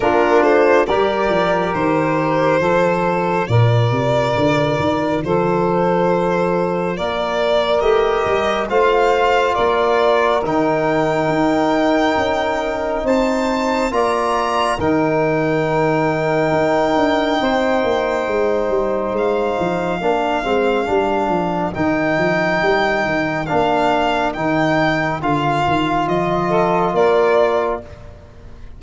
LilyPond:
<<
  \new Staff \with { instrumentName = "violin" } { \time 4/4 \tempo 4 = 69 ais'8 c''8 d''4 c''2 | d''2 c''2 | d''4 dis''4 f''4 d''4 | g''2. a''4 |
ais''4 g''2.~ | g''2 f''2~ | f''4 g''2 f''4 | g''4 f''4 dis''4 d''4 | }
  \new Staff \with { instrumentName = "saxophone" } { \time 4/4 f'4 ais'2 a'4 | ais'2 a'2 | ais'2 c''4 ais'4~ | ais'2. c''4 |
d''4 ais'2. | c''2. ais'4~ | ais'1~ | ais'2~ ais'8 a'8 ais'4 | }
  \new Staff \with { instrumentName = "trombone" } { \time 4/4 d'4 g'2 f'4~ | f'1~ | f'4 g'4 f'2 | dis'1 |
f'4 dis'2.~ | dis'2. d'8 c'8 | d'4 dis'2 d'4 | dis'4 f'2. | }
  \new Staff \with { instrumentName = "tuba" } { \time 4/4 ais8 a8 g8 f8 dis4 f4 | ais,8 c8 d8 dis8 f2 | ais4 a8 g8 a4 ais4 | dis4 dis'4 cis'4 c'4 |
ais4 dis2 dis'8 d'8 | c'8 ais8 gis8 g8 gis8 f8 ais8 gis8 | g8 f8 dis8 f8 g8 dis8 ais4 | dis4 d8 dis8 f4 ais4 | }
>>